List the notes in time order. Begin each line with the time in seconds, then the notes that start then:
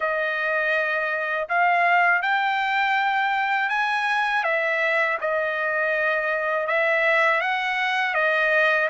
0.00 D#5
1.48 F5
2.22 G5
3.69 G#5
4.43 E5
5.21 D#5
6.67 E5
7.40 F#5
8.14 D#5